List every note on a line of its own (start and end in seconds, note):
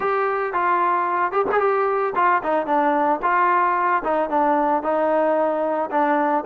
0.00 0.53 G4
0.53 1.31 F4
1.31 1.45 G4
1.51 1.59 G#4
1.59 2.13 G4
2.15 2.42 F4
2.43 2.66 D#4
2.66 3.19 D4
3.22 4.02 F4
4.03 4.29 D#4
4.29 4.82 D4
4.82 5.90 D#4
5.90 6.44 D4